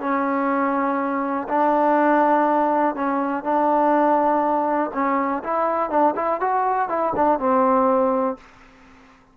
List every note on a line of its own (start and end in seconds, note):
0.00 1.48 C#4
1.48 2.95 D4
2.95 3.43 C#4
3.43 4.91 D4
4.93 5.43 C#4
5.43 5.90 E4
5.90 6.14 D4
6.16 6.40 E4
6.40 6.89 F#4
6.89 7.13 E4
7.16 7.39 D4
7.39 8.37 C4